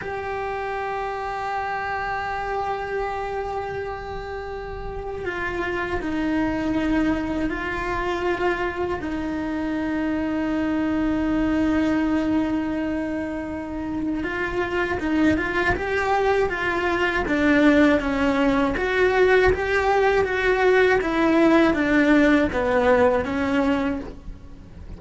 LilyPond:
\new Staff \with { instrumentName = "cello" } { \time 4/4 \tempo 4 = 80 g'1~ | g'2. f'4 | dis'2 f'2 | dis'1~ |
dis'2. f'4 | dis'8 f'8 g'4 f'4 d'4 | cis'4 fis'4 g'4 fis'4 | e'4 d'4 b4 cis'4 | }